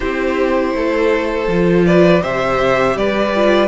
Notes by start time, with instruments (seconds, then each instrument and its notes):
0.00 cello C4, viola E4, violin G4 C5
0.73 cello A3, violin A4
1.47 cello F3, viola F4
1.86 violin B4 D5
2.21 cello C3, viola G4, violin C5 E5
2.95 cello G3, violin B4 D5
3.35 viola F4